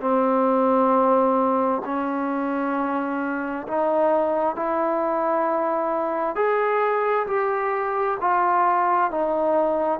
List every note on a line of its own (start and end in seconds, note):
0.00 1.82 C4
1.85 3.67 C#4
3.67 4.55 D#4
4.55 6.35 E4
6.35 7.26 G#4
7.26 8.17 G4
8.21 9.11 F4
9.11 10.00 D#4